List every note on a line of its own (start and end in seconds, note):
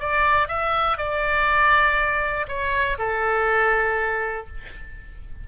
0.00 0.48 D5
0.48 0.98 E5
0.98 2.47 D5
2.48 2.98 C#5
2.99 4.47 A4